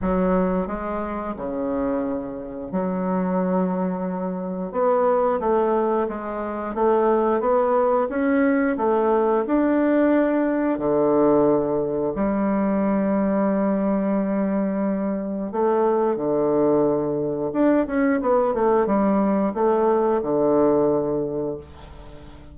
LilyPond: \new Staff \with { instrumentName = "bassoon" } { \time 4/4 \tempo 4 = 89 fis4 gis4 cis2 | fis2. b4 | a4 gis4 a4 b4 | cis'4 a4 d'2 |
d2 g2~ | g2. a4 | d2 d'8 cis'8 b8 a8 | g4 a4 d2 | }